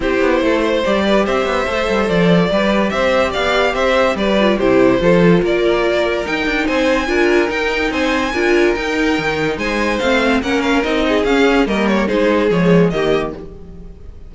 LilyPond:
<<
  \new Staff \with { instrumentName = "violin" } { \time 4/4 \tempo 4 = 144 c''2 d''4 e''4~ | e''4 d''2 e''4 | f''4 e''4 d''4 c''4~ | c''4 d''2 g''4 |
gis''2 g''4 gis''4~ | gis''4 g''2 gis''4 | f''4 fis''8 f''8 dis''4 f''4 | dis''8 cis''8 c''4 cis''4 dis''4 | }
  \new Staff \with { instrumentName = "violin" } { \time 4/4 g'4 a'8 c''4 b'8 c''4~ | c''2 b'4 c''4 | d''4 c''4 b'4 g'4 | a'4 ais'2. |
c''4 ais'2 c''4 | ais'2. c''4~ | c''4 ais'4. gis'4. | ais'4 gis'2 g'4 | }
  \new Staff \with { instrumentName = "viola" } { \time 4/4 e'2 g'2 | a'2 g'2~ | g'2~ g'8 f'8 e'4 | f'2. dis'4~ |
dis'4 f'4 dis'2 | f'4 dis'2. | c'4 cis'4 dis'4 cis'4 | ais4 dis'4 gis4 ais4 | }
  \new Staff \with { instrumentName = "cello" } { \time 4/4 c'8 b8 a4 g4 c'8 b8 | a8 g8 f4 g4 c'4 | b4 c'4 g4 c4 | f4 ais2 dis'8 d'8 |
c'4 d'4 dis'4 c'4 | d'4 dis'4 dis4 gis4 | a4 ais4 c'4 cis'4 | g4 gis4 f4 dis4 | }
>>